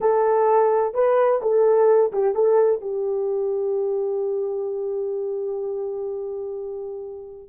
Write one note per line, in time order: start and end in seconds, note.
0.00 0.94 A4
0.94 1.40 B4
1.41 2.12 A4
2.12 2.34 G4
2.34 2.81 A4
2.81 7.49 G4